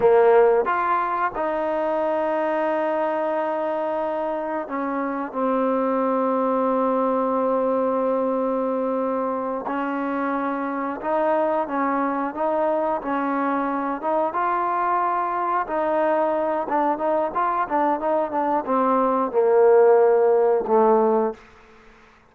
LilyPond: \new Staff \with { instrumentName = "trombone" } { \time 4/4 \tempo 4 = 90 ais4 f'4 dis'2~ | dis'2. cis'4 | c'1~ | c'2~ c'8 cis'4.~ |
cis'8 dis'4 cis'4 dis'4 cis'8~ | cis'4 dis'8 f'2 dis'8~ | dis'4 d'8 dis'8 f'8 d'8 dis'8 d'8 | c'4 ais2 a4 | }